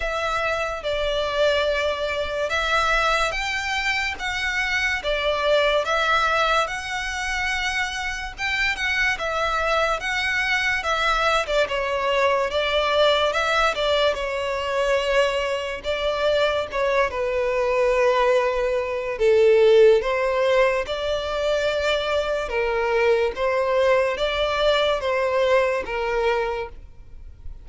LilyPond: \new Staff \with { instrumentName = "violin" } { \time 4/4 \tempo 4 = 72 e''4 d''2 e''4 | g''4 fis''4 d''4 e''4 | fis''2 g''8 fis''8 e''4 | fis''4 e''8. d''16 cis''4 d''4 |
e''8 d''8 cis''2 d''4 | cis''8 b'2~ b'8 a'4 | c''4 d''2 ais'4 | c''4 d''4 c''4 ais'4 | }